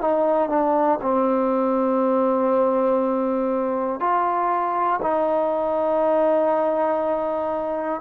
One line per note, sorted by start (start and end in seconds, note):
0.00 0.49 D#4
0.49 0.99 D4
1.01 4.00 C4
4.00 5.00 F4
5.01 8.00 D#4